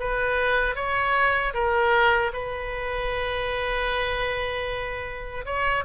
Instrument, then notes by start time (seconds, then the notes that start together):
oboe
0.00 B4
0.75 C#5
1.54 A#4
2.33 B4
5.45 C#5